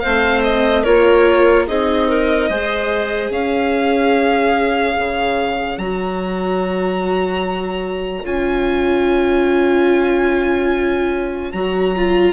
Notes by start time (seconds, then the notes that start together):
0.00 A3 C4 C5 F5
0.43 D#5
0.83 A#3 F4 A#4 C#5
1.67 C4 D#4 G#4 D#5
2.08 A#4
2.49 G#3 G#4 C5
3.30 C#4 C#5 F5
4.97 C#3
5.77 F#3 F#4 A#5
8.23 C#4 F4 G#5
11.52 F#3 F#4 A#5
11.96 F4